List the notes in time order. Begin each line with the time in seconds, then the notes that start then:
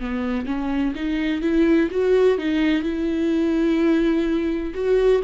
0.00 B3
0.46 C#4
0.95 D#4
1.42 E4
1.91 F#4
2.39 D#4
2.83 E4
4.75 F#4